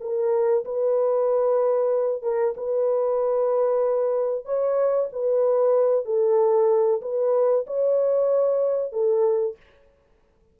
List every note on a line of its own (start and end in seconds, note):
0.00 0.64 A#4
0.64 2.22 B4
2.22 2.54 A#4
2.56 4.45 B4
4.45 5.09 C#5
5.12 6.05 B4
6.05 7.01 A4
7.01 7.65 B4
7.67 8.92 C#5
8.92 9.56 A4